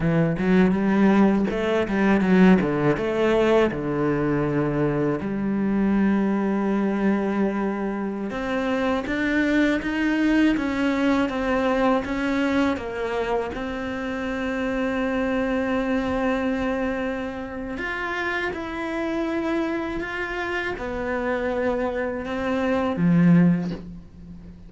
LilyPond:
\new Staff \with { instrumentName = "cello" } { \time 4/4 \tempo 4 = 81 e8 fis8 g4 a8 g8 fis8 d8 | a4 d2 g4~ | g2.~ g16 c'8.~ | c'16 d'4 dis'4 cis'4 c'8.~ |
c'16 cis'4 ais4 c'4.~ c'16~ | c'1 | f'4 e'2 f'4 | b2 c'4 f4 | }